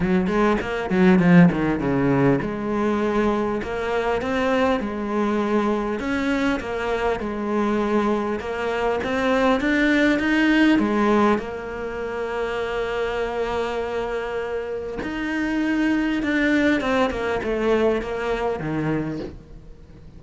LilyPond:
\new Staff \with { instrumentName = "cello" } { \time 4/4 \tempo 4 = 100 fis8 gis8 ais8 fis8 f8 dis8 cis4 | gis2 ais4 c'4 | gis2 cis'4 ais4 | gis2 ais4 c'4 |
d'4 dis'4 gis4 ais4~ | ais1~ | ais4 dis'2 d'4 | c'8 ais8 a4 ais4 dis4 | }